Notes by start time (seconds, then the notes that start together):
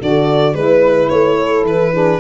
0.00 D3 F#4 A4 D5
0.54 G#3 E4 B4
1.10 A3 C#5
1.40 A4
1.63 E3 B4
1.94 D4 G#4